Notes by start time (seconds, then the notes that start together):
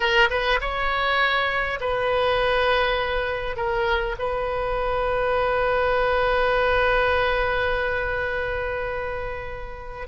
0.00 A#4
0.30 B4
0.60 C#5
1.80 B4
3.56 A#4
4.18 B4